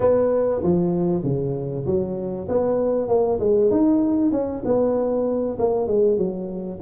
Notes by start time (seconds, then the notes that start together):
0.00 B3
0.62 F3
1.23 C#3
1.86 F#3
2.48 B3
3.08 A#3
3.39 G#3
3.70 D#4
4.31 C#4
4.64 B3
5.58 A#3
5.87 G#3
6.17 F#3